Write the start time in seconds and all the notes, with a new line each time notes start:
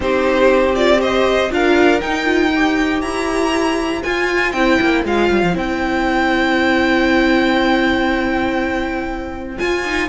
0.00 C4 D#4 G4 C5
0.75 F4 D5
0.97 G4 C5 D#5
1.50 D4 F4 A#4 F5
2.00 D#4 G5
2.24 F4
2.55 G4 C5
3.01 E4 A#5
4.03 F4 G#5
4.52 C4 E4 G5
4.81 A#3
5.04 G#3 F4 F5
5.30 G3
5.42 F3
5.52 C4 E4 G5
9.57 F4 G#5
9.85 D#4